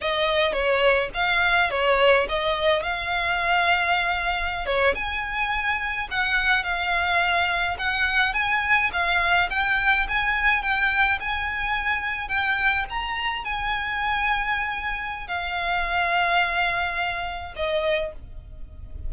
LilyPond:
\new Staff \with { instrumentName = "violin" } { \time 4/4 \tempo 4 = 106 dis''4 cis''4 f''4 cis''4 | dis''4 f''2.~ | f''16 cis''8 gis''2 fis''4 f''16~ | f''4.~ f''16 fis''4 gis''4 f''16~ |
f''8. g''4 gis''4 g''4 gis''16~ | gis''4.~ gis''16 g''4 ais''4 gis''16~ | gis''2. f''4~ | f''2. dis''4 | }